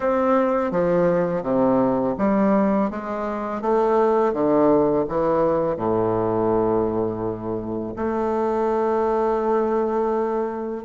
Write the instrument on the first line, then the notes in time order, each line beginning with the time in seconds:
bassoon
0.00 C4
0.71 F3
1.42 C3
2.18 G3
2.90 G#3
3.61 A3
4.33 D3
5.08 E3
5.76 A2
7.96 A3